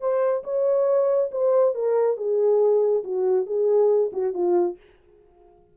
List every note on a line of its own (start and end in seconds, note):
0.00 0.43 C5
0.44 1.30 C#5
1.31 1.74 C5
1.74 2.17 A#4
2.17 3.03 G#4
3.04 3.46 F#4
3.46 4.10 G#4
4.12 4.33 F#4
4.33 4.77 F4